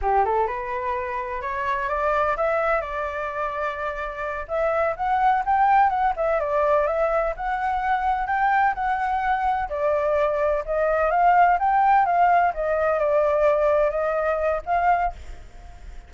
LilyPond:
\new Staff \with { instrumentName = "flute" } { \time 4/4 \tempo 4 = 127 g'8 a'8 b'2 cis''4 | d''4 e''4 d''2~ | d''4. e''4 fis''4 g''8~ | g''8 fis''8 e''8 d''4 e''4 fis''8~ |
fis''4. g''4 fis''4.~ | fis''8 d''2 dis''4 f''8~ | f''8 g''4 f''4 dis''4 d''8~ | d''4. dis''4. f''4 | }